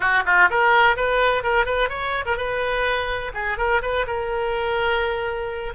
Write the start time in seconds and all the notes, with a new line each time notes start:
0.00 F#4
0.25 F4
0.50 A#4
0.96 B4
1.43 A#4
1.65 B4
1.89 C#5
2.25 A#4
2.37 B4
3.34 G#4
3.57 A#4
3.82 B4
4.06 A#4